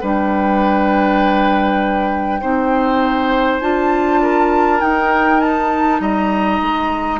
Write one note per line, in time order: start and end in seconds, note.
0.00 2.42 G3
0.00 2.41 D4
0.00 2.40 B4
0.00 3.60 G5
2.41 3.61 C4
2.41 3.60 D#4
2.41 4.21 C5
3.60 4.80 D4
3.60 4.79 F4
3.60 4.80 A5
4.21 6.00 A#4
4.79 7.19 D#4
4.79 6.00 D#4
4.79 5.40 G5
5.40 6.00 A5
6.00 6.59 G3
6.00 7.20 D#5
6.00 7.20 A#5
6.61 7.20 G#3